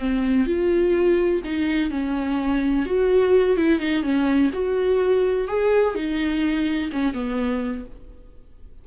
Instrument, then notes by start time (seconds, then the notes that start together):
viola
0.00 C4
0.47 F4
1.45 D#4
1.91 C#4
2.86 F#4
3.57 E4
3.80 D#4
4.04 C#4
4.53 F#4
5.48 G#4
5.96 D#4
6.93 C#4
7.14 B3